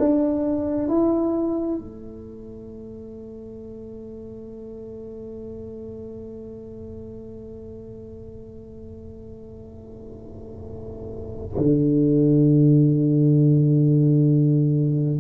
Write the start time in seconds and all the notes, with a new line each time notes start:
0.00 D4
0.89 E4
1.79 A3
11.58 D3